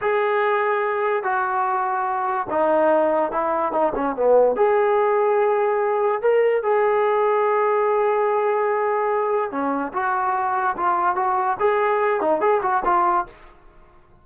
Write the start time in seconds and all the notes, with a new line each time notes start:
0.01 G#4
1.23 F#4
2.49 D#4
3.31 E4
3.72 D#4
3.95 C#4
4.15 B3
4.56 G#4
6.21 A#4
6.62 G#4
9.51 C#4
9.93 F#4
10.76 F4
11.15 F#4
11.59 G#4
12.20 D#4
12.40 G#4
12.62 F#4
12.84 F4